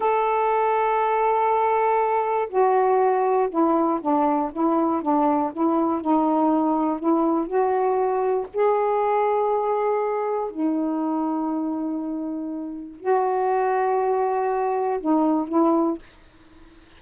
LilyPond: \new Staff \with { instrumentName = "saxophone" } { \time 4/4 \tempo 4 = 120 a'1~ | a'4 fis'2 e'4 | d'4 e'4 d'4 e'4 | dis'2 e'4 fis'4~ |
fis'4 gis'2.~ | gis'4 dis'2.~ | dis'2 fis'2~ | fis'2 dis'4 e'4 | }